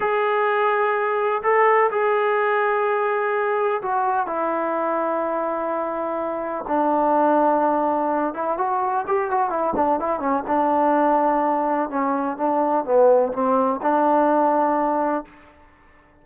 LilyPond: \new Staff \with { instrumentName = "trombone" } { \time 4/4 \tempo 4 = 126 gis'2. a'4 | gis'1 | fis'4 e'2.~ | e'2 d'2~ |
d'4. e'8 fis'4 g'8 fis'8 | e'8 d'8 e'8 cis'8 d'2~ | d'4 cis'4 d'4 b4 | c'4 d'2. | }